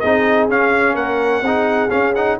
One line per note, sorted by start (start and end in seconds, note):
0.00 0.49 C4
0.00 0.50 D#4
0.00 0.95 G#4
0.00 0.47 D#5
0.49 0.95 C#4
0.49 1.44 C#4
0.49 0.96 F5
0.95 1.42 A#3
0.95 1.42 A#4
0.95 1.90 F#5
1.42 1.89 C4
1.42 1.90 D#4
1.42 2.39 G#4
1.90 2.13 C#4
1.90 2.38 C#4
1.90 2.14 F5
2.15 2.40 D#4
2.15 2.39 F#5